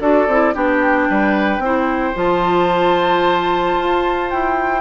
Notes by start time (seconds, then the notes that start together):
0.00 D4 F#4 A4 D5
0.27 C4 E4
0.54 B3 D4 G4 G5
1.09 G3 B4
1.58 C4 C5
1.64 E4
2.14 F3 F4 A5
3.79 F4
4.30 E4 G5